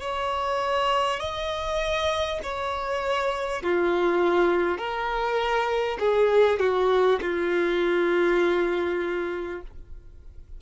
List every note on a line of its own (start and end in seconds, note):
0.00 1.19 C#5
1.19 2.39 D#5
2.43 3.62 C#5
3.62 4.77 F4
4.77 5.97 A#4
5.99 6.59 G#4
6.59 7.19 F#4
7.21 9.61 F4